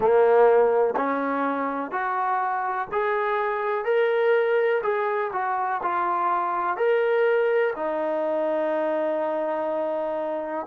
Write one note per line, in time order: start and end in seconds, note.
0.00 0.94 A#3
0.96 1.91 C#4
1.91 2.88 F#4
2.92 3.84 G#4
3.84 4.81 A#4
4.82 5.30 G#4
5.32 5.81 F#4
5.82 6.77 F4
6.77 7.73 A#4
7.76 10.66 D#4